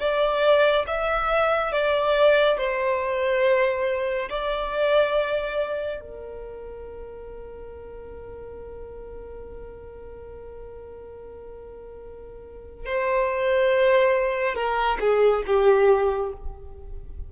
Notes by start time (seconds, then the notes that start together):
0.00 D5
0.87 E5
1.73 D5
2.58 C5
4.30 D5
6.01 A#4
12.86 C5
14.55 A#4
15.01 G#4
15.47 G4